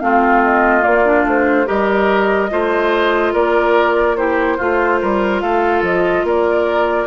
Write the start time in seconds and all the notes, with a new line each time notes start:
0.00 A3 C4 F4 F5
0.44 D#5
0.81 A#3 D5
1.05 D4
1.24 A3 C5
1.66 G3 G4 A#4 D#5
2.51 A3 F4 C5
3.33 A#3 A#4 D5
4.17 E4 G4 C5
4.58 A3 F4
5.02 G3 A#4
5.41 A3 A4 F5
5.82 F3 D#5
6.24 A#3 A#4 D5